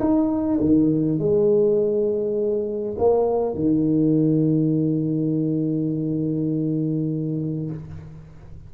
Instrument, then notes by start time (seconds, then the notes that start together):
tuba
0.00 D#4
0.60 D#3
1.19 G#3
2.99 A#3
3.55 D#3